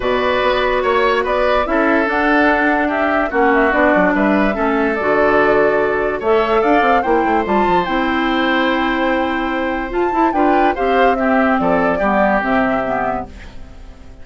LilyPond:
<<
  \new Staff \with { instrumentName = "flute" } { \time 4/4 \tempo 4 = 145 d''2 cis''4 d''4 | e''4 fis''2 e''4 | fis''8 e''8 d''4 e''2 | d''2. e''4 |
f''4 g''4 a''4 g''4~ | g''1 | a''4 g''4 f''4 e''4 | d''2 e''2 | }
  \new Staff \with { instrumentName = "oboe" } { \time 4/4 b'2 cis''4 b'4 | a'2. g'4 | fis'2 b'4 a'4~ | a'2. cis''4 |
d''4 c''2.~ | c''1~ | c''4 b'4 c''4 g'4 | a'4 g'2. | }
  \new Staff \with { instrumentName = "clarinet" } { \time 4/4 fis'1 | e'4 d'2. | cis'4 d'2 cis'4 | fis'2. a'4~ |
a'4 e'4 f'4 e'4~ | e'1 | f'8 e'8 f'4 g'4 c'4~ | c'4 b4 c'4 b4 | }
  \new Staff \with { instrumentName = "bassoon" } { \time 4/4 b,4 b4 ais4 b4 | cis'4 d'2. | ais4 b8 fis8 g4 a4 | d2. a4 |
d'8 c'8 ais8 a8 g8 f8 c'4~ | c'1 | f'8 e'8 d'4 c'2 | f4 g4 c2 | }
>>